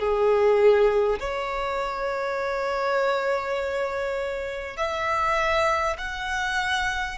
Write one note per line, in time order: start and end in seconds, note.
0.00 1.20 G#4
1.20 4.77 C#5
4.77 5.97 E5
5.98 7.18 F#5